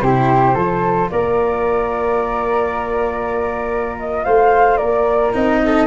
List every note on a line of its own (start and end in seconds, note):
0.00 0.55 C3
0.00 0.55 E4
0.00 0.54 G4
0.00 1.09 C5
0.54 1.10 F3
0.54 5.32 F4
0.54 1.09 A4
1.10 4.25 A#3
1.10 4.25 A#4
1.10 3.96 D5
3.99 4.24 D#5
4.24 4.79 A3
4.24 4.77 C5
4.24 4.77 F5
4.77 5.33 A#3
4.77 5.59 A#4
4.77 5.31 D5
5.32 5.87 C4
5.32 5.87 D#4
5.32 5.87 D#5
5.65 5.87 A4